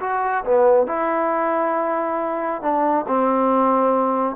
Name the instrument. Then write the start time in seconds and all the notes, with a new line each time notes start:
trombone
0.00 F#4
0.45 B3
0.87 E4
2.62 D4
3.07 C4